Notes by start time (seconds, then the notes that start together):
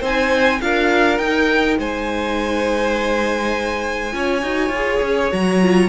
0.00 C4 D#4 C5 G#5
0.61 D4 F4 A#4 F5
1.18 D#4 G5
1.78 G#3 C5 G#5
4.12 C#4 F4 C#5
4.42 D#4 F#4
4.69 F4
4.75 G#4
5.02 C#4
5.31 F#3 F#4 A#5
5.61 F4